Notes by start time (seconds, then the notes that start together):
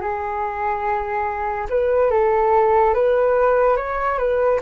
0.00 G#4
1.69 B4
2.11 A4
2.94 B4
3.77 C#5
4.18 B4